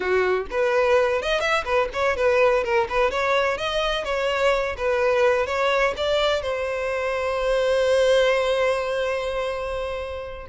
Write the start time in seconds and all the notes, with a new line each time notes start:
0.00 F#4
0.50 B4
1.21 D#5
1.40 E5
1.65 B4
1.93 C#5
2.16 B4
2.63 A#4
2.89 B4
3.10 C#5
3.57 D#5
4.04 C#5
4.77 B4
5.46 C#5
5.96 D5
6.42 C5